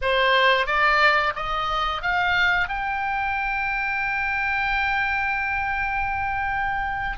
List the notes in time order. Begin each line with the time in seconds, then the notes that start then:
0.01 C5
0.66 D5
1.35 D#5
2.02 F5
2.68 G5